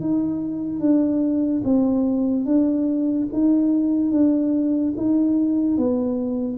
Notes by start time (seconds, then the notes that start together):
0.00 D#4
0.80 D4
1.64 C4
2.45 D4
3.32 D#4
4.11 D4
4.96 D#4
5.77 B3